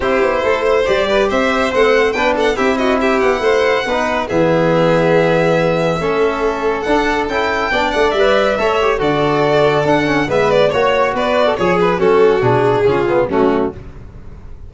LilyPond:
<<
  \new Staff \with { instrumentName = "violin" } { \time 4/4 \tempo 4 = 140 c''2 d''4 e''4 | fis''4 g''8 fis''8 e''8 dis''8 e''8 fis''8~ | fis''2 e''2~ | e''1 |
fis''4 g''4. fis''8 e''4~ | e''4 d''2 fis''4 | e''8 d''8 cis''4 d''4 cis''8 b'8 | a'4 gis'2 fis'4 | }
  \new Staff \with { instrumentName = "violin" } { \time 4/4 g'4 a'8 c''4 b'8 c''4~ | c''4 b'8 a'8 g'8 fis'8 g'4 | c''4 b'4 gis'2~ | gis'2 a'2~ |
a'2 d''2 | cis''4 a'2. | b'4 cis''4 b'8. a'16 gis'4 | fis'2 f'4 cis'4 | }
  \new Staff \with { instrumentName = "trombone" } { \time 4/4 e'2 g'2 | c'4 d'4 e'2~ | e'4 dis'4 b2~ | b2 cis'2 |
d'4 e'4 d'4 b'4 | a'8 g'8 fis'2 d'8 cis'8 | b4 fis'2 gis'4 | cis'4 d'4 cis'8 b8 a4 | }
  \new Staff \with { instrumentName = "tuba" } { \time 4/4 c'8 b8 a4 g4 c'4 | a4 b4 c'4. b8 | a4 b4 e2~ | e2 a2 |
d'4 cis'4 b8 a8 g4 | a4 d2 d'4 | gis4 ais4 b4 f4 | fis4 b,4 cis4 fis4 | }
>>